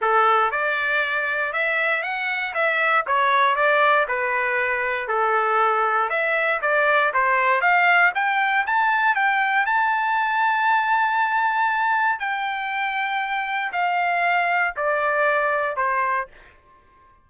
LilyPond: \new Staff \with { instrumentName = "trumpet" } { \time 4/4 \tempo 4 = 118 a'4 d''2 e''4 | fis''4 e''4 cis''4 d''4 | b'2 a'2 | e''4 d''4 c''4 f''4 |
g''4 a''4 g''4 a''4~ | a''1 | g''2. f''4~ | f''4 d''2 c''4 | }